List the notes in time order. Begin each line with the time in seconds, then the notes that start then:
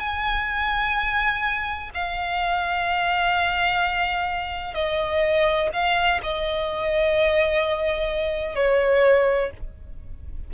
0.00 G#5
1.94 F5
4.74 D#5
5.73 F5
6.23 D#5
8.55 C#5